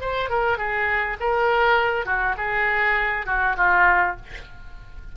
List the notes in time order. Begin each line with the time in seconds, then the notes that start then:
0.00 C5
0.29 A#4
0.57 G#4
1.20 A#4
2.05 F#4
2.37 G#4
3.26 F#4
3.56 F4